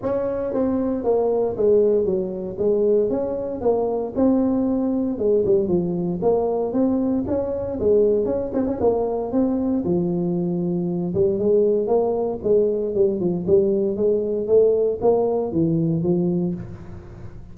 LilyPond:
\new Staff \with { instrumentName = "tuba" } { \time 4/4 \tempo 4 = 116 cis'4 c'4 ais4 gis4 | fis4 gis4 cis'4 ais4 | c'2 gis8 g8 f4 | ais4 c'4 cis'4 gis4 |
cis'8 c'16 cis'16 ais4 c'4 f4~ | f4. g8 gis4 ais4 | gis4 g8 f8 g4 gis4 | a4 ais4 e4 f4 | }